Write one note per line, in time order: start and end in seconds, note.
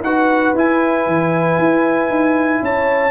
0.00 0.52 D#4
0.00 0.56 F#4
0.00 2.64 B4
0.00 0.55 F#5
0.55 1.06 E4
0.55 3.11 E4
0.55 2.64 G#5
1.06 1.58 E3
1.58 2.09 E4
2.09 2.61 D#4
2.62 3.11 C#4
2.62 3.11 C#5
2.62 3.11 A5